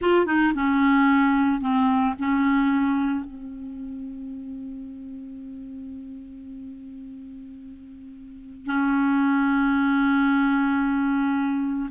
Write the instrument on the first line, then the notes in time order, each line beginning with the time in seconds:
clarinet
0.01 F4
0.26 D#4
0.54 C#4
1.60 C4
2.19 C#4
3.25 C4
8.65 C#4